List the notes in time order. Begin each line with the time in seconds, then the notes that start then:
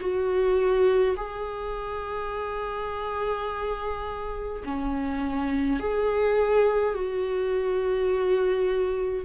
0.00 F#4
1.16 G#4
4.65 C#4
5.80 G#4
6.94 F#4